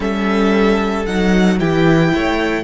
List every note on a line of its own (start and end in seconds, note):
0.00 1.06 G3
0.00 1.06 C#4
0.00 1.56 A4
0.00 1.05 E5
1.05 1.60 F#3
1.05 1.58 D#4
1.05 1.58 F#5
1.58 2.13 E3
1.58 2.64 E4
1.58 2.12 G4
1.58 2.64 G5
2.14 2.64 A3
2.14 2.64 C#5